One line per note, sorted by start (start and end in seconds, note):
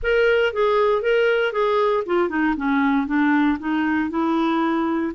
0.02 0.53 A#4
0.53 1.01 G#4
1.01 1.52 A#4
1.52 2.03 G#4
2.06 2.29 F4
2.29 2.55 D#4
2.56 3.06 C#4
3.06 3.58 D4
3.59 4.10 D#4
4.10 5.12 E4